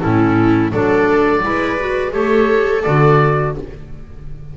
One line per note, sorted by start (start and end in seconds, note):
0.00 0.72 A2
0.00 0.71 C#4
0.00 0.72 E4
0.00 0.71 A4
0.72 1.43 F#3
0.72 1.42 D4
0.72 1.42 A4
0.72 2.12 D5
1.42 2.14 G#3
1.42 1.78 E4
1.42 2.12 B4
1.79 2.11 F#4
2.11 2.84 A3
2.11 2.81 G4
2.11 3.54 A4
2.11 2.82 C#5
2.82 3.57 D3
2.82 3.55 F#4
2.82 3.53 D5